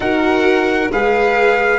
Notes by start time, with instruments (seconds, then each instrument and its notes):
0.00 tuba D#4, viola F#4, violin A#4, trumpet F#5
0.91 tuba G#3, viola G#4, violin B4, trumpet F5